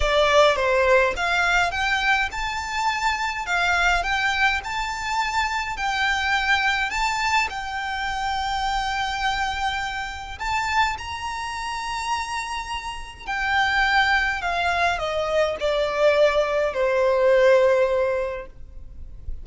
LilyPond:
\new Staff \with { instrumentName = "violin" } { \time 4/4 \tempo 4 = 104 d''4 c''4 f''4 g''4 | a''2 f''4 g''4 | a''2 g''2 | a''4 g''2.~ |
g''2 a''4 ais''4~ | ais''2. g''4~ | g''4 f''4 dis''4 d''4~ | d''4 c''2. | }